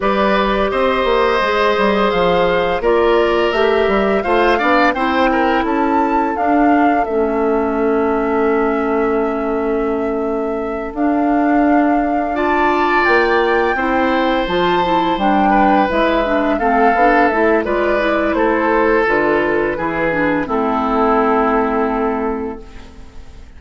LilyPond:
<<
  \new Staff \with { instrumentName = "flute" } { \time 4/4 \tempo 4 = 85 d''4 dis''2 f''4 | d''4 e''4 f''4 g''4 | a''4 f''4 e''2~ | e''2.~ e''8 f''8~ |
f''4. a''4 g''4.~ | g''8 a''4 g''4 e''4 f''8~ | f''8 e''8 d''4 c''4 b'4~ | b'4 a'2. | }
  \new Staff \with { instrumentName = "oboe" } { \time 4/4 b'4 c''2. | ais'2 c''8 d''8 c''8 ais'8 | a'1~ | a'1~ |
a'4. d''2 c''8~ | c''2 b'4. a'8~ | a'4 b'4 a'2 | gis'4 e'2. | }
  \new Staff \with { instrumentName = "clarinet" } { \time 4/4 g'2 gis'2 | f'4 g'4 f'8 d'8 e'4~ | e'4 d'4 cis'2~ | cis'2.~ cis'8 d'8~ |
d'4. f'2 e'8~ | e'8 f'8 e'8 d'4 e'8 d'8 c'8 | d'8 e'8 f'8 e'4. f'4 | e'8 d'8 c'2. | }
  \new Staff \with { instrumentName = "bassoon" } { \time 4/4 g4 c'8 ais8 gis8 g8 f4 | ais4 a8 g8 a8 b8 c'4 | cis'4 d'4 a2~ | a2.~ a8 d'8~ |
d'2~ d'8 ais4 c'8~ | c'8 f4 g4 gis4 a8 | b8 a8 gis4 a4 d4 | e4 a2. | }
>>